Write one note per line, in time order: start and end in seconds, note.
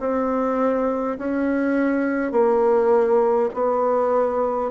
0.00 1.18 C4
1.19 2.32 C#4
2.32 3.50 A#3
3.54 4.71 B3